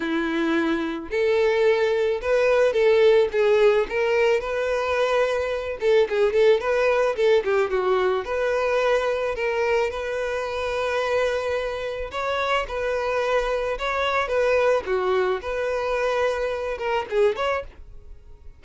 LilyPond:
\new Staff \with { instrumentName = "violin" } { \time 4/4 \tempo 4 = 109 e'2 a'2 | b'4 a'4 gis'4 ais'4 | b'2~ b'8 a'8 gis'8 a'8 | b'4 a'8 g'8 fis'4 b'4~ |
b'4 ais'4 b'2~ | b'2 cis''4 b'4~ | b'4 cis''4 b'4 fis'4 | b'2~ b'8 ais'8 gis'8 cis''8 | }